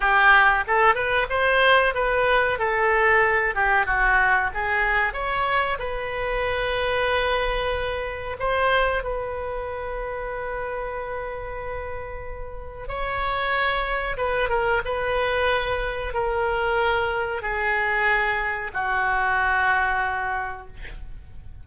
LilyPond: \new Staff \with { instrumentName = "oboe" } { \time 4/4 \tempo 4 = 93 g'4 a'8 b'8 c''4 b'4 | a'4. g'8 fis'4 gis'4 | cis''4 b'2.~ | b'4 c''4 b'2~ |
b'1 | cis''2 b'8 ais'8 b'4~ | b'4 ais'2 gis'4~ | gis'4 fis'2. | }